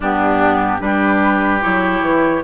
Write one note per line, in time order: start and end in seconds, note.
0.00 0.79 G2
0.00 0.79 B3
0.00 0.80 D4
0.00 0.81 G4
0.79 1.61 G3
0.79 1.60 D4
0.79 2.43 G4
0.79 1.62 B4
1.61 2.00 F#3
1.61 2.42 E4
1.61 2.43 C#5
2.00 2.41 E3